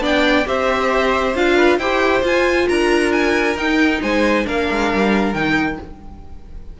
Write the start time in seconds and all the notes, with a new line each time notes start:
0.00 B3 D4 D5 G5
0.45 C4 G4 C5 E5
1.35 D4 F4 F5
1.56 B4
1.78 E4 G4 C5 G5
2.22 F4 G#5
2.67 D4 A#4 A#5
3.13 G#5
3.56 D#4 G5
4.02 G#3 C5 G#5
4.45 A#3 D4 A#4 F5
4.71 G#3
4.94 G3
5.34 D#3 D#4 G5